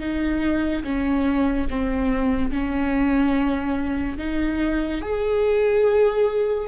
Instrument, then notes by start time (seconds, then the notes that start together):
viola
0.00 D#4
0.84 C#4
1.70 C4
2.51 C#4
4.18 D#4
5.01 G#4